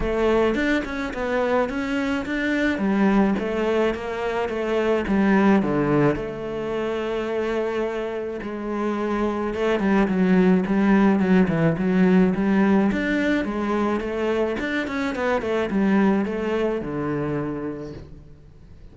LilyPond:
\new Staff \with { instrumentName = "cello" } { \time 4/4 \tempo 4 = 107 a4 d'8 cis'8 b4 cis'4 | d'4 g4 a4 ais4 | a4 g4 d4 a4~ | a2. gis4~ |
gis4 a8 g8 fis4 g4 | fis8 e8 fis4 g4 d'4 | gis4 a4 d'8 cis'8 b8 a8 | g4 a4 d2 | }